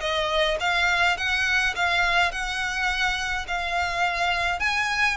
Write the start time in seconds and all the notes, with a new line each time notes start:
0.00 D#5
0.59 F5
1.17 F#5
1.75 F5
2.31 F#5
3.47 F5
4.59 G#5